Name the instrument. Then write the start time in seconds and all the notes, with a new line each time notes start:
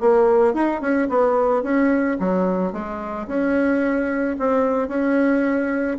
bassoon
0.00 A#3
0.54 D#4
0.81 C#4
1.09 B3
1.63 C#4
2.19 F#3
2.72 G#3
3.28 C#4
4.39 C4
4.88 C#4